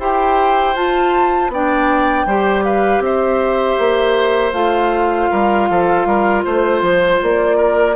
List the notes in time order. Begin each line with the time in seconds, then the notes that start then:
0.00 E4 G4 C5 G5
0.76 F4 A5
1.49 B3 D4 D5 G5
2.26 G3 G4 C5
2.64 B4 F5
3.00 C4 C5 E5
3.79 A#3
4.53 A3 F4 F5
5.31 G3 A#4
5.70 F3 A4
6.06 G3 A#4
6.45 A3 C5
6.82 F3
7.23 A#3 D5
7.58 A#4